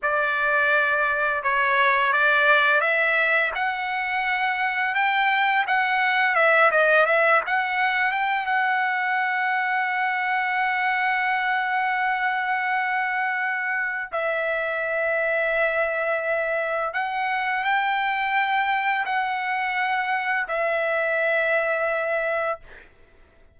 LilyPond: \new Staff \with { instrumentName = "trumpet" } { \time 4/4 \tempo 4 = 85 d''2 cis''4 d''4 | e''4 fis''2 g''4 | fis''4 e''8 dis''8 e''8 fis''4 g''8 | fis''1~ |
fis''1 | e''1 | fis''4 g''2 fis''4~ | fis''4 e''2. | }